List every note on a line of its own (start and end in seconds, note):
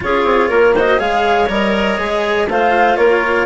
0.00 0.24 C#4
0.00 0.73 F4
0.00 0.49 G#4
0.00 0.76 C#5
0.24 0.48 C4
0.49 1.00 A#3
0.49 0.74 A#4
0.74 0.98 F#4
0.74 0.99 C5
0.74 0.99 D#5
0.98 1.48 G#3
0.98 1.47 G#4
0.98 2.48 C#5
0.98 1.49 F5
1.48 1.98 G3
1.48 1.98 A#4
1.48 2.49 D#5
1.98 2.47 G#3
1.98 2.47 G#4
2.47 2.97 A3
2.47 3.46 F4
2.47 2.98 C5
2.47 2.96 F5
2.96 3.46 A#3
2.96 3.46 A#4
2.96 3.45 C#5